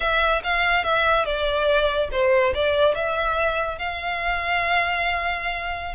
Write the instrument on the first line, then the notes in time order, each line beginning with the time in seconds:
violin
0.00 E5
0.43 F5
0.84 E5
1.25 D5
2.11 C5
2.54 D5
2.94 E5
3.78 F5